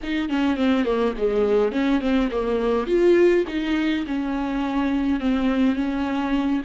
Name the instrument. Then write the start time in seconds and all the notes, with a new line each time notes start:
viola
0.02 D#4
0.29 C#4
0.56 C4
0.85 A#3
1.17 G#3
1.72 C#4
2.00 C4
2.31 A#3
2.86 F4
3.47 D#4
4.06 C#4
5.20 C4
5.75 C#4